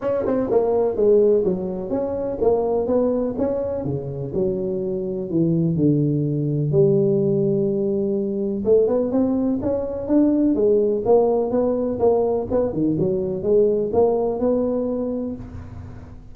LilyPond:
\new Staff \with { instrumentName = "tuba" } { \time 4/4 \tempo 4 = 125 cis'8 c'8 ais4 gis4 fis4 | cis'4 ais4 b4 cis'4 | cis4 fis2 e4 | d2 g2~ |
g2 a8 b8 c'4 | cis'4 d'4 gis4 ais4 | b4 ais4 b8 dis8 fis4 | gis4 ais4 b2 | }